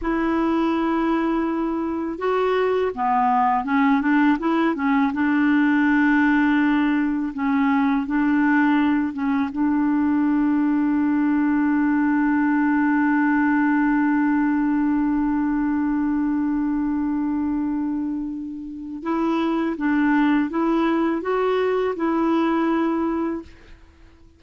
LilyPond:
\new Staff \with { instrumentName = "clarinet" } { \time 4/4 \tempo 4 = 82 e'2. fis'4 | b4 cis'8 d'8 e'8 cis'8 d'4~ | d'2 cis'4 d'4~ | d'8 cis'8 d'2.~ |
d'1~ | d'1~ | d'2 e'4 d'4 | e'4 fis'4 e'2 | }